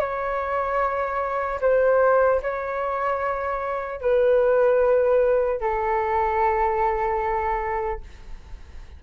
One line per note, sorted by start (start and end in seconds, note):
0.00 1.60 C#5
1.61 2.41 C5
2.42 4.01 C#5
4.01 5.61 B4
5.61 8.01 A4